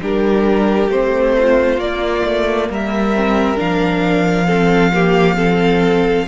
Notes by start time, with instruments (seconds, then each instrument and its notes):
0.00 cello G3, viola D4, violin G4 A#4
0.87 cello A3, viola C4, violin C5
1.38 violin F4
1.77 cello A#3, viola A#3, violin D5
2.24 cello A3
2.69 cello G3, violin A#4 E5
3.15 viola C4
3.56 cello F3, viola D4, violin F5
4.46 viola C4, violin A4
4.92 viola A#3, violin G4
5.36 viola C4, violin A4